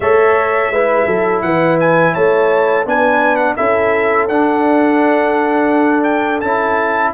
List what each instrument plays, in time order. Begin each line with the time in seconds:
0.00 tuba A3, trombone A4, horn C#5, trumpet E5
0.70 tuba G#3, trombone E4, horn B4
1.06 tuba F#3, horn A4
1.42 tuba E3, horn B4, trumpet F#5
1.79 trumpet G#5
2.13 tuba A3, horn C#5, trumpet A5
2.85 tuba B3, trombone D4, horn B4, trumpet G#5
3.36 trumpet F#5
3.56 tuba C#4, trombone E4, horn A4, trumpet E5
4.28 tuba D4, trombone D4, trumpet F#5
6.03 trumpet G5
6.40 tuba C#4, trombone E4, trumpet A5